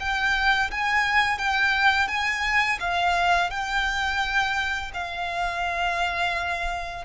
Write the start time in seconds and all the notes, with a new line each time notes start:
0.00 G5
0.71 G#5
1.38 G5
2.08 G#5
2.80 F5
3.50 G5
4.94 F5